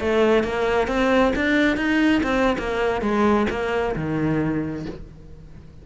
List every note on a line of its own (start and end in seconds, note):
0.00 0.44 A3
0.44 0.88 A#3
0.88 1.33 C4
1.36 1.77 D4
1.77 2.22 D#4
2.23 2.57 C4
2.59 3.02 A#3
3.02 3.47 G#3
3.50 3.95 A#3
3.96 4.86 D#3